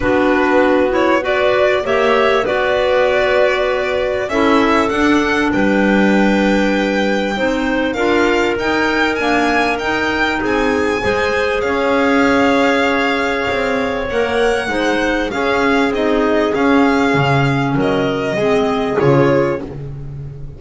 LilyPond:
<<
  \new Staff \with { instrumentName = "violin" } { \time 4/4 \tempo 4 = 98 b'4. cis''8 d''4 e''4 | d''2. e''4 | fis''4 g''2.~ | g''4 f''4 g''4 gis''4 |
g''4 gis''2 f''4~ | f''2. fis''4~ | fis''4 f''4 dis''4 f''4~ | f''4 dis''2 cis''4 | }
  \new Staff \with { instrumentName = "clarinet" } { \time 4/4 fis'2 b'4 cis''4 | b'2. a'4~ | a'4 b'2. | c''4 ais'2.~ |
ais'4 gis'4 c''4 cis''4~ | cis''1 | c''4 gis'2.~ | gis'4 ais'4 gis'2 | }
  \new Staff \with { instrumentName = "clarinet" } { \time 4/4 d'4. e'8 fis'4 g'4 | fis'2. e'4 | d'1 | dis'4 f'4 dis'4 ais4 |
dis'2 gis'2~ | gis'2. ais'4 | dis'4 cis'4 dis'4 cis'4~ | cis'2 c'4 f'4 | }
  \new Staff \with { instrumentName = "double bass" } { \time 4/4 b2. ais4 | b2. cis'4 | d'4 g2. | c'4 d'4 dis'4 d'4 |
dis'4 c'4 gis4 cis'4~ | cis'2 c'4 ais4 | gis4 cis'4 c'4 cis'4 | cis4 fis4 gis4 cis4 | }
>>